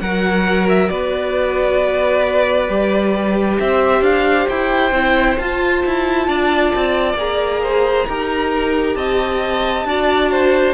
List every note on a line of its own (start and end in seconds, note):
0.00 0.90 F#3
0.00 2.68 F#4
0.00 0.91 A#4
0.00 0.67 F#5
0.69 0.89 E5
0.89 2.69 B3
0.89 3.60 B4
0.89 3.58 D5
2.68 3.59 G3
2.68 4.92 G4
3.59 4.01 C4
3.59 6.27 C5
3.59 4.03 E5
4.01 4.46 D4
4.01 4.48 F5
4.49 4.92 E4
4.49 5.38 G5
4.92 5.36 C4
4.92 5.39 E4
5.38 5.84 F4
5.38 7.17 F4
5.38 7.17 A5
5.85 6.28 E4
6.27 6.73 D4
6.27 7.62 D5
6.76 7.14 C4
7.14 8.04 A#3
7.14 8.07 G#4
7.14 8.95 A#5
7.63 8.07 C5
8.08 8.95 D#4
8.08 9.87 G4
8.08 8.97 A#4
8.95 9.85 C4
8.95 9.87 D#5
8.95 10.74 A5
9.85 10.74 D4
9.85 10.74 F#4
9.85 10.31 D5
10.31 10.74 C5